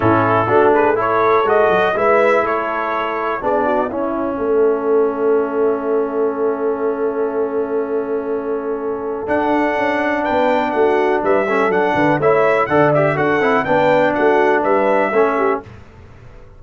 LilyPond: <<
  \new Staff \with { instrumentName = "trumpet" } { \time 4/4 \tempo 4 = 123 a'4. b'8 cis''4 dis''4 | e''4 cis''2 d''4 | e''1~ | e''1~ |
e''2. fis''4~ | fis''4 g''4 fis''4 e''4 | fis''4 e''4 fis''8 e''8 fis''4 | g''4 fis''4 e''2 | }
  \new Staff \with { instrumentName = "horn" } { \time 4/4 e'4 fis'8 gis'8 a'2 | b'4 a'2 gis'8 fis'8 | e'4 a'2.~ | a'1~ |
a'1~ | a'4 b'4 fis'4 b'8 a'8~ | a'8 b'8 cis''4 d''4 a'4 | b'4 fis'4 b'4 a'8 g'8 | }
  \new Staff \with { instrumentName = "trombone" } { \time 4/4 cis'4 d'4 e'4 fis'4 | e'2. d'4 | cis'1~ | cis'1~ |
cis'2. d'4~ | d'2.~ d'8 cis'8 | d'4 e'4 a'8 g'8 fis'8 e'8 | d'2. cis'4 | }
  \new Staff \with { instrumentName = "tuba" } { \time 4/4 a,4 a2 gis8 fis8 | gis4 a2 b4 | cis'4 a2.~ | a1~ |
a2. d'4 | cis'4 b4 a4 g4 | fis8 d8 a4 d4 d'8 c'8 | b4 a4 g4 a4 | }
>>